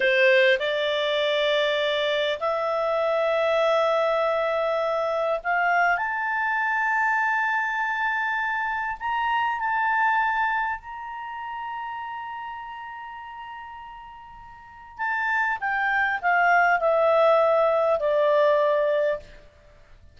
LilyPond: \new Staff \with { instrumentName = "clarinet" } { \time 4/4 \tempo 4 = 100 c''4 d''2. | e''1~ | e''4 f''4 a''2~ | a''2. ais''4 |
a''2 ais''2~ | ais''1~ | ais''4 a''4 g''4 f''4 | e''2 d''2 | }